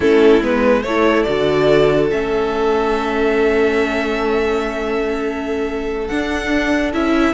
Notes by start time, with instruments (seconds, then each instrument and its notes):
0.00 cello A3, viola C#4, violin E4 A4
0.42 cello G#3, viola B3, violin B4
0.82 cello A3, viola E4, violin A4 C#5
1.23 cello D3, viola F#4, violin D5
2.10 cello A3, viola C#4, violin E5
6.07 viola D4, cello D4, violin F#5
6.92 cello C#4, viola E4, violin E5